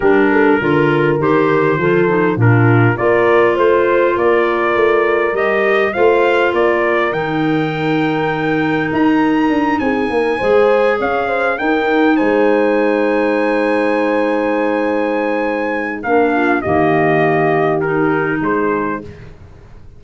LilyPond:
<<
  \new Staff \with { instrumentName = "trumpet" } { \time 4/4 \tempo 4 = 101 ais'2 c''2 | ais'4 d''4 c''4 d''4~ | d''4 dis''4 f''4 d''4 | g''2. ais''4~ |
ais''8 gis''2 f''4 g''8~ | g''8 gis''2.~ gis''8~ | gis''2. f''4 | dis''2 ais'4 c''4 | }
  \new Staff \with { instrumentName = "horn" } { \time 4/4 g'8 a'8 ais'2 a'4 | f'4 ais'4 c''4 ais'4~ | ais'2 c''4 ais'4~ | ais'1~ |
ais'8 gis'8 ais'8 c''4 cis''8 c''8 ais'8~ | ais'8 c''2.~ c''8~ | c''2. ais'8 f'8 | g'2. gis'4 | }
  \new Staff \with { instrumentName = "clarinet" } { \time 4/4 d'4 f'4 g'4 f'8 dis'8 | d'4 f'2.~ | f'4 g'4 f'2 | dis'1~ |
dis'4. gis'2 dis'8~ | dis'1~ | dis'2. d'4 | ais2 dis'2 | }
  \new Staff \with { instrumentName = "tuba" } { \time 4/4 g4 d4 dis4 f4 | ais,4 ais4 a4 ais4 | a4 g4 a4 ais4 | dis2. dis'4 |
d'8 c'8 ais8 gis4 cis'4 dis'8~ | dis'8 gis2.~ gis8~ | gis2. ais4 | dis2. gis4 | }
>>